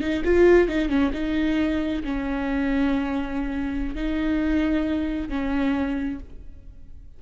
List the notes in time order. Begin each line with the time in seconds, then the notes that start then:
0.00 D#4
0.24 F4
0.68 D#4
0.89 C#4
1.13 D#4
2.04 C#4
3.95 D#4
5.29 C#4